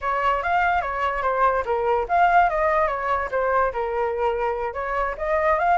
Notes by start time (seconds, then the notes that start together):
0.01 C#5
0.43 F5
0.81 C#5
1.22 C5
1.65 A#4
2.08 F5
2.49 D#5
2.87 C#5
3.31 C5
3.72 A#4
4.73 C#5
5.17 D#5
5.59 F5